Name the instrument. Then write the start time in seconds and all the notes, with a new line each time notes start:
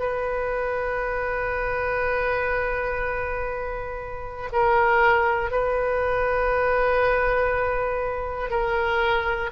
oboe
0.00 B4
4.53 A#4
5.51 B4
8.50 A#4